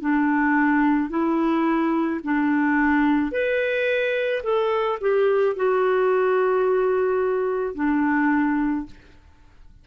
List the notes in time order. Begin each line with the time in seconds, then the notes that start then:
0.00 D4
1.10 E4
2.24 D4
3.31 B4
4.43 A4
5.01 G4
5.56 F#4
7.75 D4